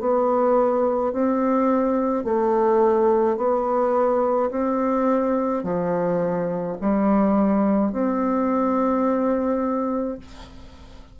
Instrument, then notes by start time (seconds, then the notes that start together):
bassoon
0.00 B3
1.13 C4
2.24 A3
3.38 B3
4.51 C4
5.64 F3
6.81 G3
7.92 C4